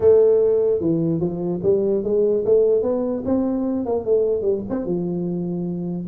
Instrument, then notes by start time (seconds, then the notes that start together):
tuba
0.00 A3
0.80 E3
1.20 F3
1.63 G3
2.03 G#3
2.45 A3
2.82 B3
3.25 C4
3.85 A#3
4.04 A3
4.41 G3
4.69 C4
4.85 F3